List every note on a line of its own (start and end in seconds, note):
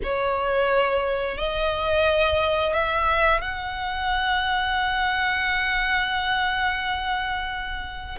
0.03 1.37 C#5
1.37 2.73 D#5
2.73 3.41 E5
3.41 8.18 F#5